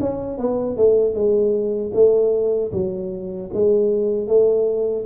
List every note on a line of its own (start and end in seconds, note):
0.00 0.38 C#4
0.38 0.77 B3
0.77 1.14 A3
1.14 1.92 G#3
1.94 2.72 A3
2.72 3.50 F#3
3.53 4.28 G#3
4.28 5.05 A3